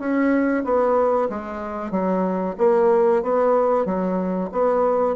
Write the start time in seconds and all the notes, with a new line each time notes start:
0.00 C#4
0.65 B3
1.30 G#3
1.91 F#3
2.58 A#3
3.23 B3
3.86 F#3
4.52 B3